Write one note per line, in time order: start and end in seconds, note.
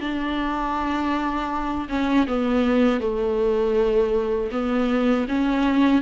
0.00 1.88 D4
1.89 2.26 C#4
2.27 3.00 B3
3.00 4.50 A3
4.51 5.26 B3
5.28 6.01 C#4